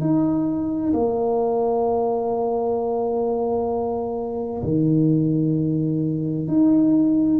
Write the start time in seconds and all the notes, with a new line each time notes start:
0.00 D#4
0.93 A#3
4.62 D#3
6.47 D#4